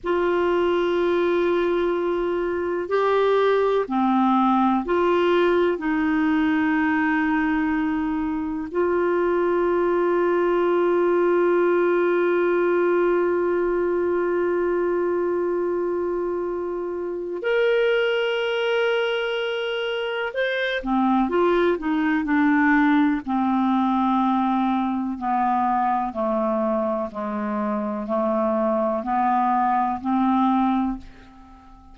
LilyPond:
\new Staff \with { instrumentName = "clarinet" } { \time 4/4 \tempo 4 = 62 f'2. g'4 | c'4 f'4 dis'2~ | dis'4 f'2.~ | f'1~ |
f'2 ais'2~ | ais'4 c''8 c'8 f'8 dis'8 d'4 | c'2 b4 a4 | gis4 a4 b4 c'4 | }